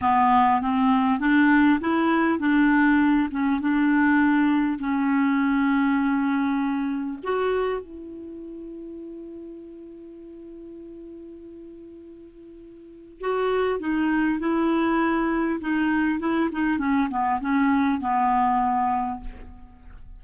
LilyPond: \new Staff \with { instrumentName = "clarinet" } { \time 4/4 \tempo 4 = 100 b4 c'4 d'4 e'4 | d'4. cis'8 d'2 | cis'1 | fis'4 e'2.~ |
e'1~ | e'2 fis'4 dis'4 | e'2 dis'4 e'8 dis'8 | cis'8 b8 cis'4 b2 | }